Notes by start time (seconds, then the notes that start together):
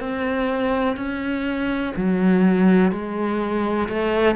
0.00 C4
0.97 C#4
1.96 F#3
2.92 G#3
3.89 A3